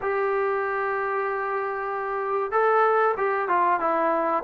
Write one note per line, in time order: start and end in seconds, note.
0.01 2.51 G4
2.51 3.14 A4
3.17 3.48 G4
3.48 3.80 F4
3.80 4.43 E4